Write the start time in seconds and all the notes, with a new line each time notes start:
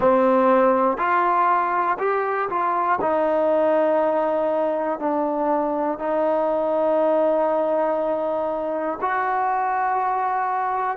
0.00 C4
0.97 F4
1.99 G4
2.49 F4
3.01 D#4
4.99 D4
5.98 D#4
9.00 F#4